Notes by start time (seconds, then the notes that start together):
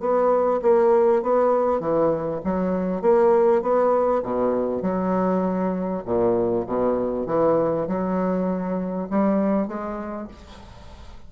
0.00 B3
0.62 A#3
1.23 B3
1.80 E3
2.45 F#3
3.02 A#3
3.62 B3
4.23 B2
4.82 F#3
6.05 A#2
6.67 B2
7.27 E3
7.88 F#3
9.10 G3
9.68 G#3